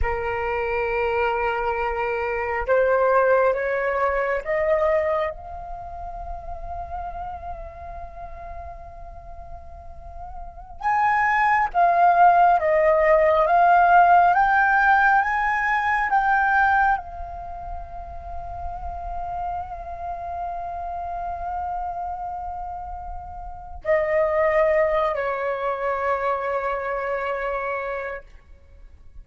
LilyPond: \new Staff \with { instrumentName = "flute" } { \time 4/4 \tempo 4 = 68 ais'2. c''4 | cis''4 dis''4 f''2~ | f''1~ | f''16 gis''4 f''4 dis''4 f''8.~ |
f''16 g''4 gis''4 g''4 f''8.~ | f''1~ | f''2. dis''4~ | dis''8 cis''2.~ cis''8 | }